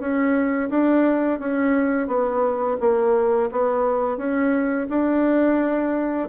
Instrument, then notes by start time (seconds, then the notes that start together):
bassoon
0.00 C#4
0.70 D4
1.40 C#4
2.07 B3
2.81 A#3
3.52 B3
4.18 C#4
4.90 D4